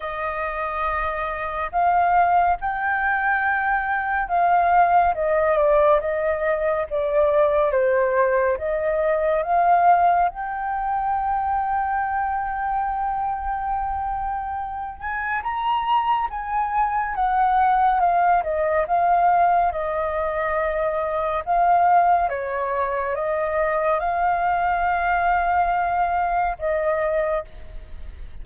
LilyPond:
\new Staff \with { instrumentName = "flute" } { \time 4/4 \tempo 4 = 70 dis''2 f''4 g''4~ | g''4 f''4 dis''8 d''8 dis''4 | d''4 c''4 dis''4 f''4 | g''1~ |
g''4. gis''8 ais''4 gis''4 | fis''4 f''8 dis''8 f''4 dis''4~ | dis''4 f''4 cis''4 dis''4 | f''2. dis''4 | }